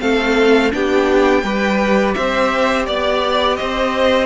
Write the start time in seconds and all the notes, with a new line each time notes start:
0.00 A3 C4 A4 F5
0.72 B3 D4 G4 G5
1.43 G3 G4 B4
2.14 C4 C5 E5
2.86 B3 D5
3.56 C4 C5 D#5